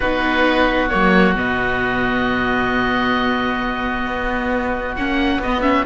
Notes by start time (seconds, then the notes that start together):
0.00 B3 D#4 F#4 B4
0.88 F#3 A#3 C#5
1.35 B2 B3 D#5
4.05 B3
4.96 A#3 C#4 F#5
5.38 B3 D#5
5.45 B3
5.61 C#4 E5